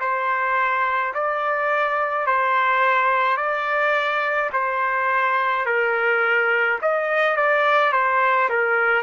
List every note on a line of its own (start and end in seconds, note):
0.00 1.13 C5
1.14 2.26 D5
2.26 3.37 C5
3.37 4.50 D5
4.53 5.66 C5
5.66 6.79 A#4
6.82 7.36 D#5
7.36 7.92 D5
7.92 8.49 C5
8.49 9.03 A#4